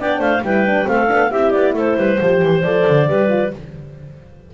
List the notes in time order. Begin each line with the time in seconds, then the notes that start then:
0.00 B3 D4 D5 G5
0.20 A3 C5 F5
0.42 G3 E4 B4 G5
0.67 D4
0.85 A3 C4 F5
0.91 A4
1.08 B3 D4
1.31 C4 E4 G4 E5
1.51 B3 D5
1.74 A3 A4 C5
1.97 G3 B4
2.20 F3 G4 C5
2.42 E3
2.63 F3 A4 D5
2.88 D3
3.08 G3 G4 B4
3.29 F4